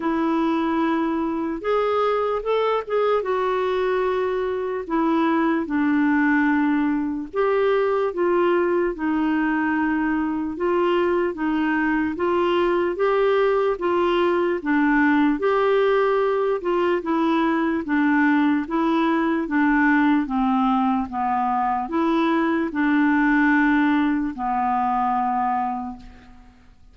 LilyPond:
\new Staff \with { instrumentName = "clarinet" } { \time 4/4 \tempo 4 = 74 e'2 gis'4 a'8 gis'8 | fis'2 e'4 d'4~ | d'4 g'4 f'4 dis'4~ | dis'4 f'4 dis'4 f'4 |
g'4 f'4 d'4 g'4~ | g'8 f'8 e'4 d'4 e'4 | d'4 c'4 b4 e'4 | d'2 b2 | }